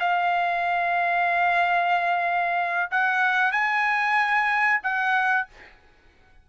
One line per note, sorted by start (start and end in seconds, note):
0.00 2.90 F5
2.91 3.52 F#5
3.52 4.81 G#5
4.83 5.48 F#5